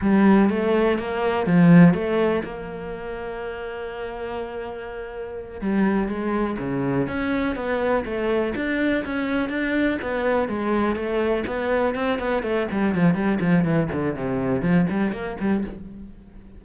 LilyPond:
\new Staff \with { instrumentName = "cello" } { \time 4/4 \tempo 4 = 123 g4 a4 ais4 f4 | a4 ais2.~ | ais2.~ ais8 g8~ | g8 gis4 cis4 cis'4 b8~ |
b8 a4 d'4 cis'4 d'8~ | d'8 b4 gis4 a4 b8~ | b8 c'8 b8 a8 g8 f8 g8 f8 | e8 d8 c4 f8 g8 ais8 g8 | }